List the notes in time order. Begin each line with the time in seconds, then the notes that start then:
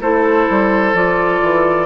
0.00 A3 E4 A4 C5
0.49 G3
0.93 F3 F4 D5
1.42 E3